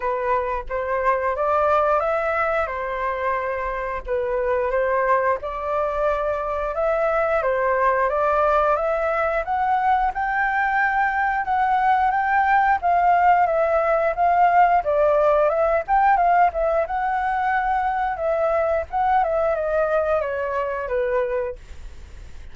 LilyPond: \new Staff \with { instrumentName = "flute" } { \time 4/4 \tempo 4 = 89 b'4 c''4 d''4 e''4 | c''2 b'4 c''4 | d''2 e''4 c''4 | d''4 e''4 fis''4 g''4~ |
g''4 fis''4 g''4 f''4 | e''4 f''4 d''4 e''8 g''8 | f''8 e''8 fis''2 e''4 | fis''8 e''8 dis''4 cis''4 b'4 | }